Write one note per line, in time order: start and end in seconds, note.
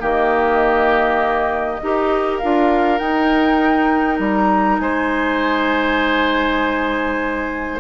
0.00 1.81 D#3
0.00 1.80 A#3
0.00 1.81 G4
0.00 2.39 D#5
1.82 2.42 D#4
1.82 2.43 G4
1.82 4.82 A#4
2.39 3.00 D4
2.39 3.00 F4
2.39 2.99 F5
2.99 7.79 D#4
2.99 4.19 D#4
2.99 4.19 G5
4.19 4.79 G3
4.19 4.80 A#5
4.80 7.80 G#3
4.80 7.81 C5
4.80 7.80 G#5